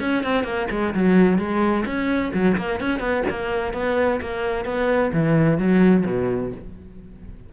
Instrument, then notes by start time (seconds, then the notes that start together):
cello
0.00 C#4
0.23 C4
0.43 A#3
0.70 G#3
0.94 F#3
1.38 G#3
1.86 C#4
2.34 F#3
2.57 A#3
2.80 C#4
3.00 B3
3.30 A#3
3.73 B3
4.21 A#3
4.65 B3
5.13 E3
5.58 F#3
6.05 B2